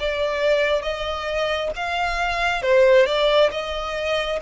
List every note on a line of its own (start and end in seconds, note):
0.00 0.83 D5
0.83 1.71 D#5
1.76 2.62 F5
2.62 3.06 C5
3.06 3.51 D5
3.52 4.40 D#5